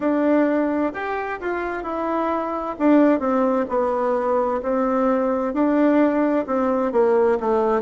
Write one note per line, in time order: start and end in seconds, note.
0.00 0.92 D4
0.93 1.39 G4
1.40 1.83 F4
1.83 2.75 E4
2.78 3.19 D4
3.19 3.65 C4
3.68 4.61 B3
4.62 5.53 C4
5.53 6.45 D4
6.46 6.91 C4
6.91 7.38 A#3
7.39 7.81 A3